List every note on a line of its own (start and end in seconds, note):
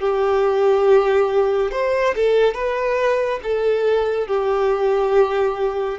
0.00 1.71 G4
1.71 2.14 C5
2.15 2.54 A4
2.54 3.40 B4
3.43 4.27 A4
4.27 5.98 G4